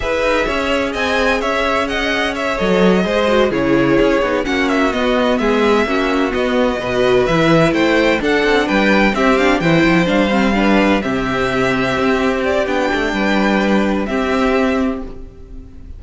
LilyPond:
<<
  \new Staff \with { instrumentName = "violin" } { \time 4/4 \tempo 4 = 128 e''2 gis''4 e''4 | fis''4 e''8 dis''2 cis''8~ | cis''4. fis''8 e''8 dis''4 e''8~ | e''4. dis''2 e''8~ |
e''8 g''4 fis''4 g''4 e''8 | f''8 g''4 f''2 e''8~ | e''2~ e''8 d''8 g''4~ | g''2 e''2 | }
  \new Staff \with { instrumentName = "violin" } { \time 4/4 b'4 cis''4 dis''4 cis''4 | dis''4 cis''4. c''4 gis'8~ | gis'4. fis'2 gis'8~ | gis'8 fis'2 b'4.~ |
b'8 c''4 a'4 b'4 g'8~ | g'8 c''2 b'4 g'8~ | g'1 | b'2 g'2 | }
  \new Staff \with { instrumentName = "viola" } { \time 4/4 gis'1~ | gis'4. a'4 gis'8 fis'8 e'8~ | e'4 dis'8 cis'4 b4.~ | b8 cis'4 b4 fis'4 e'8~ |
e'4. d'2 c'8 | d'8 e'4 d'8 c'8 d'4 c'8~ | c'2. d'4~ | d'2 c'2 | }
  \new Staff \with { instrumentName = "cello" } { \time 4/4 e'8 dis'8 cis'4 c'4 cis'4~ | cis'4. fis4 gis4 cis8~ | cis8 cis'8 b8 ais4 b4 gis8~ | gis8 ais4 b4 b,4 e8~ |
e8 a4 d'8 c'8 g4 c'8~ | c'8 e8 f8 g2 c8~ | c4. c'4. b8 a8 | g2 c'2 | }
>>